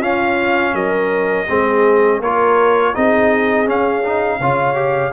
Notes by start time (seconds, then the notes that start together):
0.00 C#4 F4 F5
0.74 F#3 A#4 D#5
1.49 G#3 C4 G#4
2.20 A#3 F4 A#4 C#5
2.94 C4 D#4 G#4 D#5
3.66 C#4 F5
4.03 D#4
4.39 C#3 F4 C#5
4.75 G4